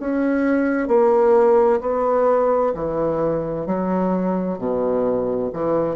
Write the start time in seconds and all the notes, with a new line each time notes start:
0.00 C#4
0.88 A#3
1.80 B3
2.74 E3
3.66 F#3
4.58 B2
5.53 E3